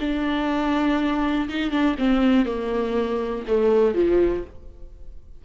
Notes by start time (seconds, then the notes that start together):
0.00 D4
1.49 D#4
1.71 D4
1.99 C4
2.46 A#3
3.48 A3
3.95 F3